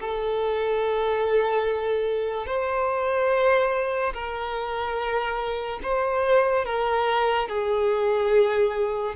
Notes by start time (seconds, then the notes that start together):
0.00 A4
2.47 C5
4.14 A#4
5.83 C5
6.66 A#4
7.48 G#4